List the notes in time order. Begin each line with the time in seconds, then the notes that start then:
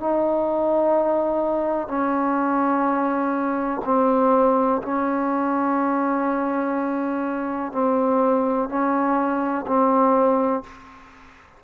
0.00 D#4
1.88 C#4
3.85 C4
4.83 C#4
7.72 C4
8.69 C#4
9.67 C4